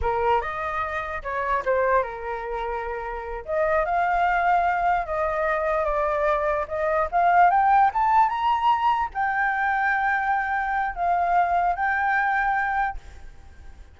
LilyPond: \new Staff \with { instrumentName = "flute" } { \time 4/4 \tempo 4 = 148 ais'4 dis''2 cis''4 | c''4 ais'2.~ | ais'8 dis''4 f''2~ f''8~ | f''8 dis''2 d''4.~ |
d''8 dis''4 f''4 g''4 a''8~ | a''8 ais''2 g''4.~ | g''2. f''4~ | f''4 g''2. | }